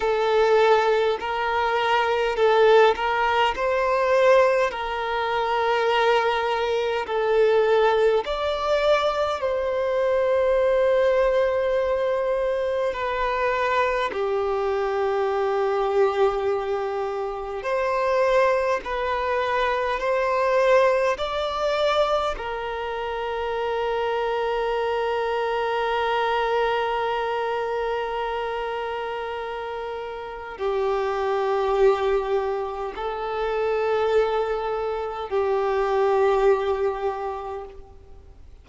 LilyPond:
\new Staff \with { instrumentName = "violin" } { \time 4/4 \tempo 4 = 51 a'4 ais'4 a'8 ais'8 c''4 | ais'2 a'4 d''4 | c''2. b'4 | g'2. c''4 |
b'4 c''4 d''4 ais'4~ | ais'1~ | ais'2 g'2 | a'2 g'2 | }